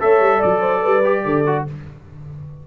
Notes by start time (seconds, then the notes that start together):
0.00 A3 A4 C#5 E5
0.20 G3
0.37 D5
0.44 F#3
0.60 C5
0.82 G3 B4
1.04 G4
1.25 D3 A4
1.46 F#4